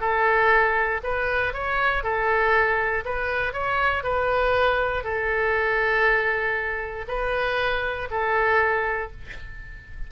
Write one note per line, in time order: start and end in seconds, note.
0.00 1.01 A4
1.03 1.53 B4
1.53 2.03 C#5
2.03 3.04 A4
3.05 3.53 B4
3.53 4.03 C#5
4.03 5.04 B4
5.04 7.05 A4
7.07 8.08 B4
8.10 9.11 A4